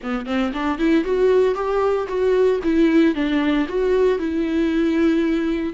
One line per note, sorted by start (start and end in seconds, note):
0.03 0.26 B3
0.26 0.52 C4
0.53 0.78 D4
0.78 1.04 E4
1.04 1.55 F#4
1.55 2.07 G4
2.08 2.60 F#4
2.63 3.14 E4
3.14 3.66 D4
3.68 4.19 F#4
4.19 5.73 E4